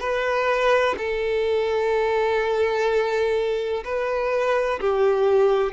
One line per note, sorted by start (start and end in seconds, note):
0.00 0.95 B4
0.98 3.84 A4
3.84 4.80 B4
4.81 5.73 G4